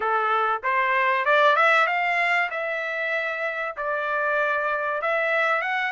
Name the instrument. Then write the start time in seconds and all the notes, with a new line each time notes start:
trumpet
0.00 A4
0.62 C5
1.25 D5
1.55 E5
1.87 F5
2.50 E5
3.76 D5
5.01 E5
5.61 F#5